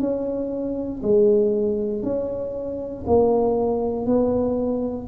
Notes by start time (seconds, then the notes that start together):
0.00 C#4
1.03 G#3
2.03 C#4
3.07 A#3
4.06 B3